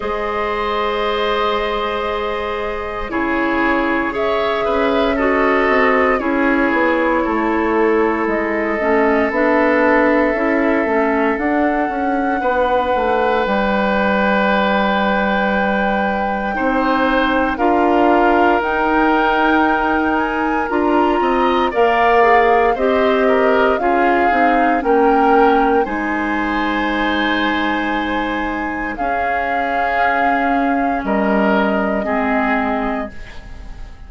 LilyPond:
<<
  \new Staff \with { instrumentName = "flute" } { \time 4/4 \tempo 4 = 58 dis''2. cis''4 | e''4 dis''4 cis''2 | dis''4 e''2 fis''4~ | fis''4 g''2.~ |
g''4 f''4 g''4. gis''8 | ais''4 f''4 dis''4 f''4 | g''4 gis''2. | f''2 dis''2 | }
  \new Staff \with { instrumentName = "oboe" } { \time 4/4 c''2. gis'4 | cis''8 b'8 a'4 gis'4 a'4~ | a'1 | b'1 |
c''4 ais'2.~ | ais'8 dis''8 d''4 c''8 ais'8 gis'4 | ais'4 c''2. | gis'2 ais'4 gis'4 | }
  \new Staff \with { instrumentName = "clarinet" } { \time 4/4 gis'2. e'4 | gis'4 fis'4 e'2~ | e'8 cis'8 d'4 e'8 cis'8 d'4~ | d'1 |
dis'4 f'4 dis'2 | f'4 ais'8 gis'8 g'4 f'8 dis'8 | cis'4 dis'2. | cis'2. c'4 | }
  \new Staff \with { instrumentName = "bassoon" } { \time 4/4 gis2. cis4~ | cis8 cis'4 c'8 cis'8 b8 a4 | gis8 a8 b4 cis'8 a8 d'8 cis'8 | b8 a8 g2. |
c'4 d'4 dis'2 | d'8 c'8 ais4 c'4 cis'8 c'8 | ais4 gis2. | cis'2 g4 gis4 | }
>>